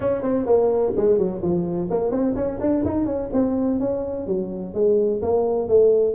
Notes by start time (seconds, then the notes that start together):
0.00 C#4
0.22 C4
0.46 A#3
0.96 G#3
1.17 F#3
1.42 F3
1.90 A#3
2.10 C4
2.35 C#4
2.60 D4
2.85 D#4
3.05 C#4
3.32 C4
3.79 C#4
4.26 F#3
4.74 G#3
5.22 A#3
5.68 A3